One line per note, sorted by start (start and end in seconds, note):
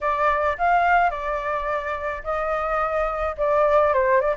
0.01 0.57 D5
0.58 1.10 F5
1.10 2.22 D5
2.23 3.35 D#5
3.37 3.93 D5
3.93 4.21 C5
4.21 4.35 D5